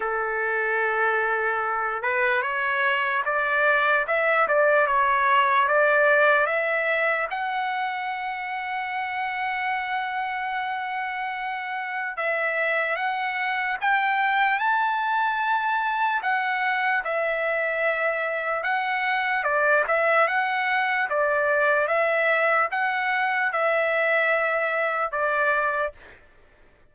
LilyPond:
\new Staff \with { instrumentName = "trumpet" } { \time 4/4 \tempo 4 = 74 a'2~ a'8 b'8 cis''4 | d''4 e''8 d''8 cis''4 d''4 | e''4 fis''2.~ | fis''2. e''4 |
fis''4 g''4 a''2 | fis''4 e''2 fis''4 | d''8 e''8 fis''4 d''4 e''4 | fis''4 e''2 d''4 | }